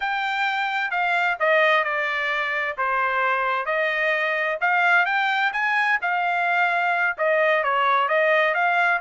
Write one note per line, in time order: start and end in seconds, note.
0.00 0.90 G5
0.90 1.37 F5
1.39 1.84 D#5
1.84 2.76 D5
2.77 3.65 C5
3.65 4.57 D#5
4.60 5.05 F5
5.05 5.52 G5
5.53 5.99 G#5
6.01 7.16 F5
7.17 7.63 D#5
7.63 8.08 C#5
8.08 8.54 D#5
8.54 9.00 F5